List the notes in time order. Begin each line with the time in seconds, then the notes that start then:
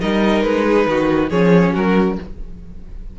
0.00 G3 D#4 A#4 D#5
0.42 G#3 B4
0.65 G#4
0.87 D#3 F#4
1.30 F3 C#4 G#4 C#5
1.73 F#3 F#4 A#4